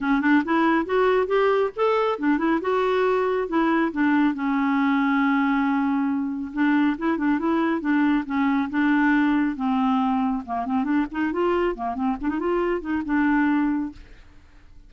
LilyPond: \new Staff \with { instrumentName = "clarinet" } { \time 4/4 \tempo 4 = 138 cis'8 d'8 e'4 fis'4 g'4 | a'4 d'8 e'8 fis'2 | e'4 d'4 cis'2~ | cis'2. d'4 |
e'8 d'8 e'4 d'4 cis'4 | d'2 c'2 | ais8 c'8 d'8 dis'8 f'4 ais8 c'8 | d'16 dis'16 f'4 dis'8 d'2 | }